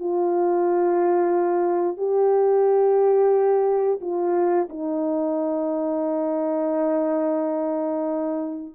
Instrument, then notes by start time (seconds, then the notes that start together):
horn
0.00 F4
1.98 G4
4.01 F4
4.70 D#4